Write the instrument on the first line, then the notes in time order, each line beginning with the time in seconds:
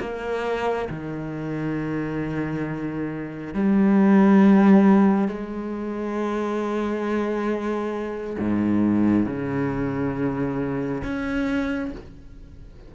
cello
0.00 A#3
0.89 D#3
3.53 G3
5.28 G#3
8.39 G#2
9.26 C#3
11.03 C#4